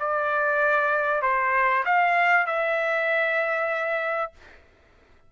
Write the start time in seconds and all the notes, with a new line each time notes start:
0.00 D5
1.22 C5
1.85 F5
2.47 E5